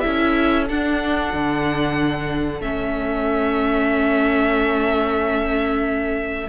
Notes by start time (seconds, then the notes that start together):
0.00 C#4 E4 A4 E5
0.69 D4 F#5
1.33 D3
2.60 A3 C#4 E5